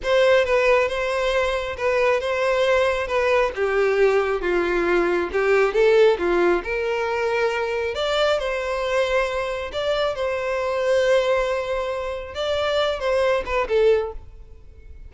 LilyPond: \new Staff \with { instrumentName = "violin" } { \time 4/4 \tempo 4 = 136 c''4 b'4 c''2 | b'4 c''2 b'4 | g'2 f'2 | g'4 a'4 f'4 ais'4~ |
ais'2 d''4 c''4~ | c''2 d''4 c''4~ | c''1 | d''4. c''4 b'8 a'4 | }